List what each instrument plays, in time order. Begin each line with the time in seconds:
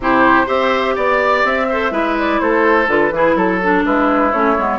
0.00 bassoon C3, clarinet E4, oboe G4, flute C5
0.45 bassoon C4, clarinet G4, oboe C5, flute E5
0.95 bassoon B3, oboe D5, flute D5
1.44 bassoon C4, flute E5
1.69 clarinet A4, oboe C5
1.91 bassoon G#3, clarinet E4, oboe B4
2.19 flute D5
2.40 bassoon A3, oboe A4, flute C5
2.87 bassoon D3, clarinet F4, flute B4
3.11 bassoon E3, clarinet E4, oboe G#4
3.35 bassoon F#3, oboe A4, flute A4
3.63 clarinet D4
3.85 bassoon G#3, oboe E4, flute B4
4.32 bassoon A3, clarinet C#4, flute C#5
4.57 bassoon G#3, clarinet B3